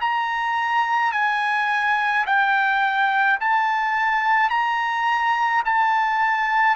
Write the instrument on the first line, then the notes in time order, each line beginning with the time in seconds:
trumpet
0.00 A#5
1.12 G#5
2.26 G5
3.40 A5
4.50 A#5
5.65 A5